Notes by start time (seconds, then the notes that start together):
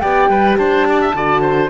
0.00 B3 G4 D5 G5
0.29 G3 B4
0.58 D4 C5 A5
0.89 D5
1.01 E5
1.14 D3 F#4 D5
1.42 C5